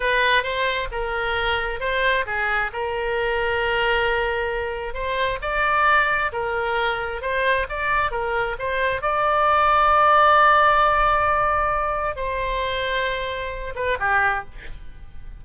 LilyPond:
\new Staff \with { instrumentName = "oboe" } { \time 4/4 \tempo 4 = 133 b'4 c''4 ais'2 | c''4 gis'4 ais'2~ | ais'2. c''4 | d''2 ais'2 |
c''4 d''4 ais'4 c''4 | d''1~ | d''2. c''4~ | c''2~ c''8 b'8 g'4 | }